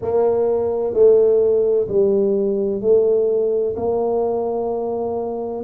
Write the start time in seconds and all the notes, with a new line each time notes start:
0.01 A#3
0.93 A3
1.87 G3
2.81 A3
3.76 A#3